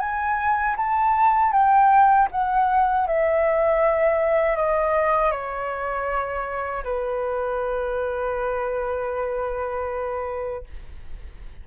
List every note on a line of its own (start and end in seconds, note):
0.00 0.76 G#5
0.77 1.52 A5
1.52 2.28 G5
2.32 3.07 F#5
3.07 4.56 E5
4.56 5.32 D#5
5.32 6.84 C#5
6.84 10.64 B4